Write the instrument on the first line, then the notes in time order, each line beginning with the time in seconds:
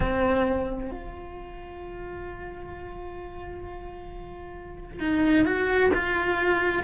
cello
0.00 C4
0.90 F4
4.99 D#4
5.45 F#4
5.93 F4